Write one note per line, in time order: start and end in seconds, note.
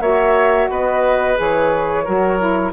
0.00 0.68 A#3
0.00 1.36 F#4
0.00 0.70 C#5
0.00 0.69 E5
0.69 1.37 B3
0.69 2.04 B4
0.69 1.39 D#5
1.36 2.07 E3
1.36 2.04 G#4
1.36 2.73 C#5
2.04 2.73 F#3
2.04 2.38 F#4
2.04 2.73 A#4
2.38 2.72 E4